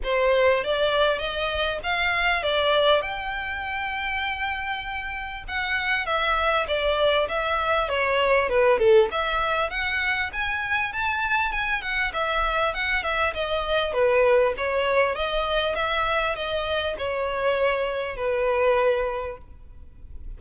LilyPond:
\new Staff \with { instrumentName = "violin" } { \time 4/4 \tempo 4 = 99 c''4 d''4 dis''4 f''4 | d''4 g''2.~ | g''4 fis''4 e''4 d''4 | e''4 cis''4 b'8 a'8 e''4 |
fis''4 gis''4 a''4 gis''8 fis''8 | e''4 fis''8 e''8 dis''4 b'4 | cis''4 dis''4 e''4 dis''4 | cis''2 b'2 | }